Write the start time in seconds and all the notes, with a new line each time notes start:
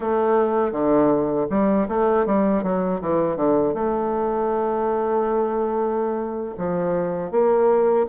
0.00 A3
0.71 D3
1.50 G3
1.88 A3
2.25 G3
2.63 F#3
3.01 E3
3.36 D3
3.74 A3
6.57 F3
7.31 A#3